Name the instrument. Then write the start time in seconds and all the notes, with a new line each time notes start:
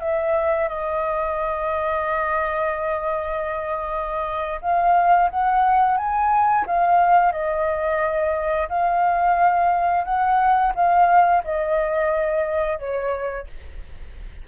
flute
0.00 E5
0.68 D#5
4.61 F5
5.30 F#5
5.97 G#5
6.66 F5
7.32 D#5
8.69 F5
10.04 F#5
10.75 F5
11.44 D#5
12.78 C#5